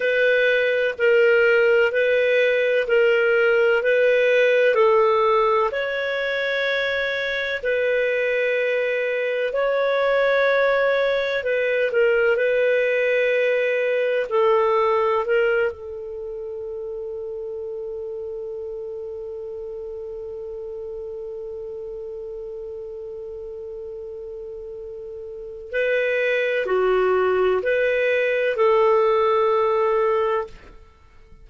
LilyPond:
\new Staff \with { instrumentName = "clarinet" } { \time 4/4 \tempo 4 = 63 b'4 ais'4 b'4 ais'4 | b'4 a'4 cis''2 | b'2 cis''2 | b'8 ais'8 b'2 a'4 |
ais'8 a'2.~ a'8~ | a'1~ | a'2. b'4 | fis'4 b'4 a'2 | }